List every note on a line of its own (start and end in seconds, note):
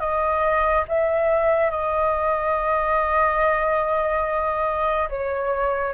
0.00 0.85 D#5
0.88 1.71 E5
1.71 5.09 D#5
5.10 5.94 C#5